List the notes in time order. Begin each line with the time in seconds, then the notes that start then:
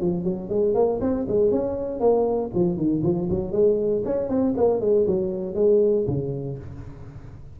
0.00 F3
0.24 F#3
0.49 G#3
0.74 A#3
1.00 C4
1.28 G#3
1.51 C#4
1.99 A#3
2.54 F3
2.76 D#3
3.03 F3
3.30 F#3
3.52 G#3
4.05 C#4
4.28 C4
4.56 A#3
4.80 G#3
5.07 F#3
5.55 G#3
6.07 C#3